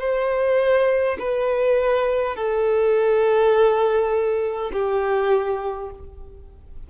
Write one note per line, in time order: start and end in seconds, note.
0.00 1.18 C5
1.19 2.36 B4
2.36 4.71 A4
4.73 5.90 G4